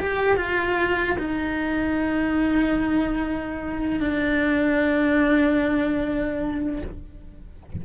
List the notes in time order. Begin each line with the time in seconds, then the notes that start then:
0.00 G4
0.37 F4
1.19 D#4
4.00 D4